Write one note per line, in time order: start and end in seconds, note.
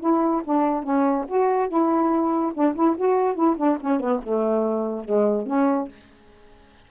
0.00 0.42 E4
0.44 0.83 D4
0.83 1.25 C#4
1.28 1.68 F#4
1.68 2.52 E4
2.54 2.75 D4
2.75 2.96 E4
2.97 3.35 F#4
3.35 3.56 E4
3.57 3.78 D4
3.81 4.00 C#4
4.00 4.21 B3
4.22 5.04 A3
5.04 5.46 G#3
5.46 5.88 C#4